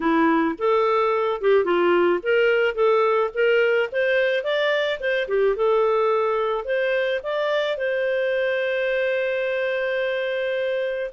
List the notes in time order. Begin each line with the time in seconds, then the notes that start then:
0.00 E4
0.58 A4
1.41 G4
1.64 F4
2.22 A#4
2.74 A4
3.34 A#4
3.91 C5
4.43 D5
4.99 C5
5.28 G4
5.56 A4
6.65 C5
7.23 D5
7.77 C5